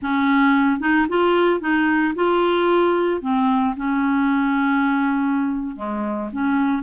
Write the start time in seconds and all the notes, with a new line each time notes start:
0.01 C#4
0.80 D#4
1.08 F4
1.60 D#4
2.15 F4
3.21 C4
3.76 C#4
5.76 G#3
6.32 C#4